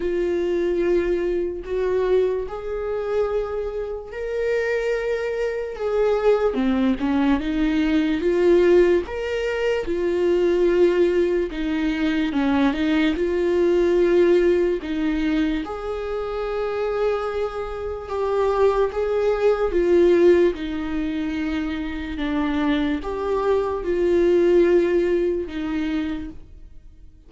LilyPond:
\new Staff \with { instrumentName = "viola" } { \time 4/4 \tempo 4 = 73 f'2 fis'4 gis'4~ | gis'4 ais'2 gis'4 | c'8 cis'8 dis'4 f'4 ais'4 | f'2 dis'4 cis'8 dis'8 |
f'2 dis'4 gis'4~ | gis'2 g'4 gis'4 | f'4 dis'2 d'4 | g'4 f'2 dis'4 | }